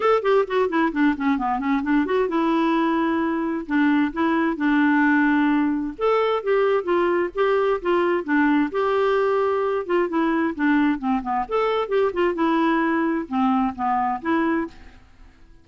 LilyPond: \new Staff \with { instrumentName = "clarinet" } { \time 4/4 \tempo 4 = 131 a'8 g'8 fis'8 e'8 d'8 cis'8 b8 cis'8 | d'8 fis'8 e'2. | d'4 e'4 d'2~ | d'4 a'4 g'4 f'4 |
g'4 f'4 d'4 g'4~ | g'4. f'8 e'4 d'4 | c'8 b8 a'4 g'8 f'8 e'4~ | e'4 c'4 b4 e'4 | }